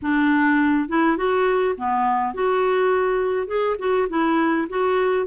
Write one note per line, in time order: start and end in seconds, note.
0.02 0.89 D4
0.89 1.17 E4
1.17 1.75 F#4
1.77 2.34 B3
2.34 3.47 F#4
3.47 3.76 G#4
3.79 4.08 F#4
4.09 4.67 E4
4.69 5.26 F#4